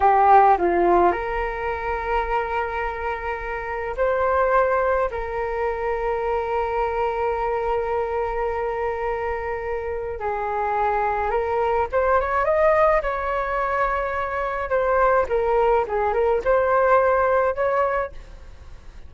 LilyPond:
\new Staff \with { instrumentName = "flute" } { \time 4/4 \tempo 4 = 106 g'4 f'4 ais'2~ | ais'2. c''4~ | c''4 ais'2.~ | ais'1~ |
ais'2 gis'2 | ais'4 c''8 cis''8 dis''4 cis''4~ | cis''2 c''4 ais'4 | gis'8 ais'8 c''2 cis''4 | }